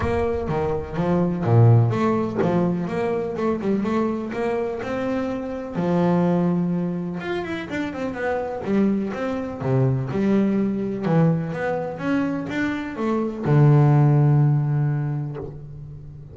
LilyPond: \new Staff \with { instrumentName = "double bass" } { \time 4/4 \tempo 4 = 125 ais4 dis4 f4 ais,4 | a4 f4 ais4 a8 g8 | a4 ais4 c'2 | f2. f'8 e'8 |
d'8 c'8 b4 g4 c'4 | c4 g2 e4 | b4 cis'4 d'4 a4 | d1 | }